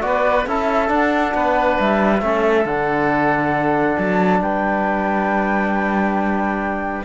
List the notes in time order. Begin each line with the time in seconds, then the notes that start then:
0.00 B3 F#4 B4 D5
0.46 C#4 E4 A4 E5
0.87 D4 F#5
1.34 B3 B4
1.79 G3 E5
2.21 A3 C#4 A4
2.65 D3 D4 F#5
3.97 F#3 A5
4.40 G3 B4 G5